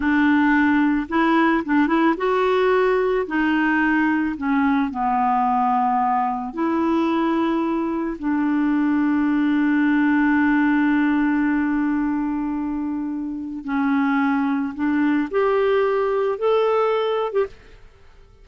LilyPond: \new Staff \with { instrumentName = "clarinet" } { \time 4/4 \tempo 4 = 110 d'2 e'4 d'8 e'8 | fis'2 dis'2 | cis'4 b2. | e'2. d'4~ |
d'1~ | d'1~ | d'4 cis'2 d'4 | g'2 a'4.~ a'16 g'16 | }